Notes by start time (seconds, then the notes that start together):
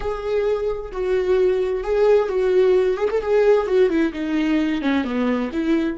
0.00 G#4
0.91 F#4
1.83 G#4
2.28 F#4
2.97 G#4
3.10 A4
3.21 G#4
3.66 F#4
3.89 E4
4.12 D#4
4.81 C#4
5.04 B3
5.53 E4